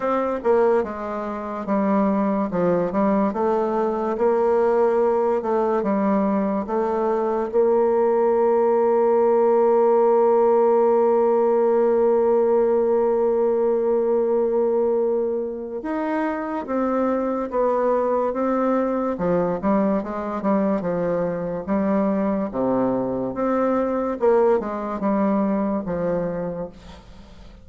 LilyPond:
\new Staff \with { instrumentName = "bassoon" } { \time 4/4 \tempo 4 = 72 c'8 ais8 gis4 g4 f8 g8 | a4 ais4. a8 g4 | a4 ais2.~ | ais1~ |
ais2. dis'4 | c'4 b4 c'4 f8 g8 | gis8 g8 f4 g4 c4 | c'4 ais8 gis8 g4 f4 | }